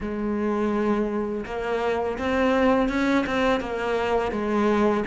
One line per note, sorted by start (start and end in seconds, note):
0.00 1.45 G#3
1.45 2.18 A#3
2.18 2.88 C4
2.88 3.25 C#4
3.26 3.60 C4
3.60 4.31 A#3
4.31 5.03 G#3